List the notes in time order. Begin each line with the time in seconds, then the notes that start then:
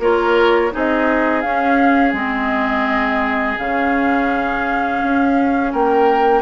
0.00 A#3 F4 A#4 C#5
0.71 C4 D#4 G#4 D#5
1.41 C#4 F5
2.13 G#3 C4 D#5
3.58 C#3 C#4 F5
5.03 C#4
5.72 A#3 A#4 G5